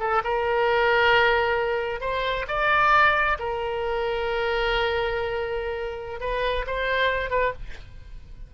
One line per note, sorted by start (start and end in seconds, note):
0.00 0.23 A4
0.24 2.01 A#4
2.01 2.46 C5
2.48 3.38 D5
3.39 6.21 A#4
6.21 6.66 B4
6.67 7.30 C5
7.30 7.53 B4